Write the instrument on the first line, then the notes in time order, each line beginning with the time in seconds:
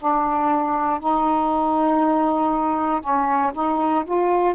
saxophone
0.00 D4
1.00 D#4
3.01 C#4
3.54 D#4
4.05 F4